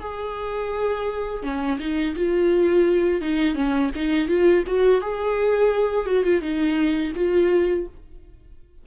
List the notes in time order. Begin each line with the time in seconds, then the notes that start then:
0.00 G#4
1.43 C#4
1.79 D#4
2.16 F4
3.22 D#4
3.55 C#4
3.95 D#4
4.28 F4
4.67 F#4
5.01 G#4
6.06 F#4
6.24 F4
6.41 D#4
7.15 F4